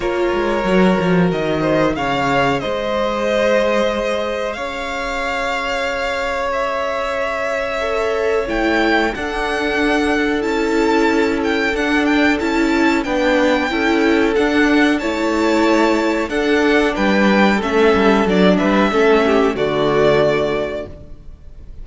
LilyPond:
<<
  \new Staff \with { instrumentName = "violin" } { \time 4/4 \tempo 4 = 92 cis''2 dis''4 f''4 | dis''2. f''4~ | f''2 e''2~ | e''4 g''4 fis''2 |
a''4. g''8 fis''8 g''8 a''4 | g''2 fis''4 a''4~ | a''4 fis''4 g''4 e''4 | d''8 e''4. d''2 | }
  \new Staff \with { instrumentName = "violin" } { \time 4/4 ais'2~ ais'8 c''8 cis''4 | c''2. cis''4~ | cis''1~ | cis''2 a'2~ |
a'1 | b'4 a'2 cis''4~ | cis''4 a'4 b'4 a'4~ | a'8 b'8 a'8 g'8 fis'2 | }
  \new Staff \with { instrumentName = "viola" } { \time 4/4 f'4 fis'2 gis'4~ | gis'1~ | gis'1 | a'4 e'4 d'2 |
e'2 d'4 e'4 | d'4 e'4 d'4 e'4~ | e'4 d'2 cis'4 | d'4 cis'4 a2 | }
  \new Staff \with { instrumentName = "cello" } { \time 4/4 ais8 gis8 fis8 f8 dis4 cis4 | gis2. cis'4~ | cis'1~ | cis'4 a4 d'2 |
cis'2 d'4 cis'4 | b4 cis'4 d'4 a4~ | a4 d'4 g4 a8 g8 | fis8 g8 a4 d2 | }
>>